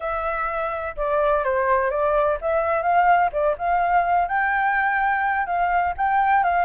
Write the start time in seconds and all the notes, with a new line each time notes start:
0.00 E5
0.96 D5
1.44 C5
1.90 D5
2.41 E5
2.82 F5
3.32 D5
3.58 F5
4.27 G5
5.46 F5
5.97 G5
6.43 F5